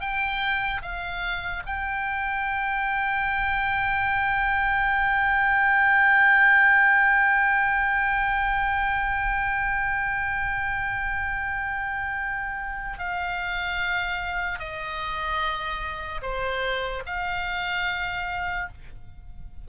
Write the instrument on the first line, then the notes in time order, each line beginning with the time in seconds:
oboe
0.00 G5
0.81 F5
1.66 G5
12.98 F5
14.59 D#5
16.22 C5
17.06 F5